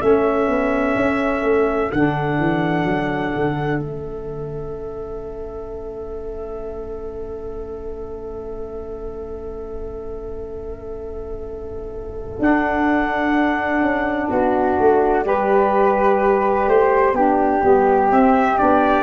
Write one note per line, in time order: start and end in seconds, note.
0.00 0.48 A3
0.00 1.90 C#4
0.00 14.28 A4
0.00 1.91 E5
0.48 0.95 B3
0.95 1.43 C#4
1.43 1.90 A3
1.91 2.38 D3
1.91 3.82 D4
1.91 3.80 F#5
2.38 2.84 E3
2.84 3.32 F#3
3.35 3.78 D3
3.78 12.35 A3
3.78 12.39 C#4
3.78 12.37 E5
12.39 13.80 D4
12.39 15.24 D4
12.39 14.30 F#5
13.80 14.28 C#4
14.28 14.78 B3
14.28 15.24 F#4
14.28 18.11 D5
14.79 15.25 A3
15.24 16.67 G3
15.24 17.14 G4
15.24 16.69 B4
16.67 17.13 A3
16.67 17.15 C5
17.13 17.60 B3
17.13 17.63 D4
17.13 19.03 G4
17.63 18.11 G3
17.63 18.10 B3
18.11 18.58 C4
18.11 18.58 E5
18.58 19.03 B3
18.58 19.03 D4
18.58 19.03 D5